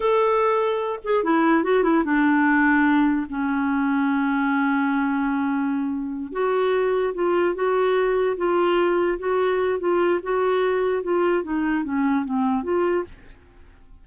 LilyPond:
\new Staff \with { instrumentName = "clarinet" } { \time 4/4 \tempo 4 = 147 a'2~ a'8 gis'8 e'4 | fis'8 e'8 d'2. | cis'1~ | cis'2.~ cis'8 fis'8~ |
fis'4. f'4 fis'4.~ | fis'8 f'2 fis'4. | f'4 fis'2 f'4 | dis'4 cis'4 c'4 f'4 | }